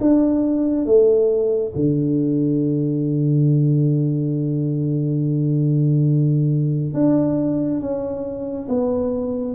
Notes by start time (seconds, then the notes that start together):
0.00 D4
0.85 A3
1.75 D3
6.93 D4
7.80 C#4
8.68 B3